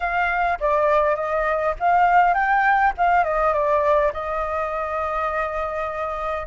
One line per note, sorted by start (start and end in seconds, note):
0.00 0.59 F5
0.60 1.15 D5
1.15 1.74 D#5
1.79 2.33 F5
2.33 2.92 G5
2.97 3.24 F5
3.24 3.53 D#5
3.53 4.12 D5
4.13 6.46 D#5